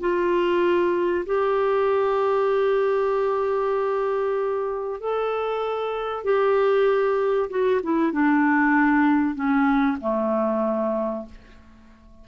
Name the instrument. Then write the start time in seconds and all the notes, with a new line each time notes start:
clarinet
0.00 F4
1.26 G4
5.00 A4
6.24 G4
7.50 F#4
7.83 E4
8.12 D4
9.35 C#4
10.01 A3